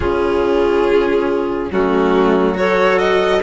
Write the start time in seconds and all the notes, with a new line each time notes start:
0.00 C#3 C#4 F4 G#4
1.70 F#3 A3 C#4 F#4
2.54 F#4 A4 C#5
2.99 D#5